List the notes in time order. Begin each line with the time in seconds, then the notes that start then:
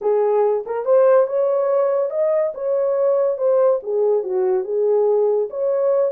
0.01 G#4
0.65 A#4
0.85 C5
1.27 C#5
2.10 D#5
2.54 C#5
3.37 C5
3.82 G#4
4.23 F#4
4.64 G#4
5.50 C#5